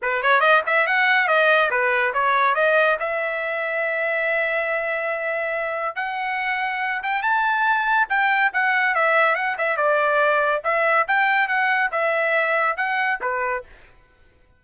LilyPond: \new Staff \with { instrumentName = "trumpet" } { \time 4/4 \tempo 4 = 141 b'8 cis''8 dis''8 e''8 fis''4 dis''4 | b'4 cis''4 dis''4 e''4~ | e''1~ | e''2 fis''2~ |
fis''8 g''8 a''2 g''4 | fis''4 e''4 fis''8 e''8 d''4~ | d''4 e''4 g''4 fis''4 | e''2 fis''4 b'4 | }